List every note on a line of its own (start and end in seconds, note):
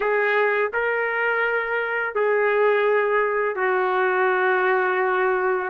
0.00 0.71 G#4
0.73 2.14 A#4
2.14 3.55 G#4
3.55 5.69 F#4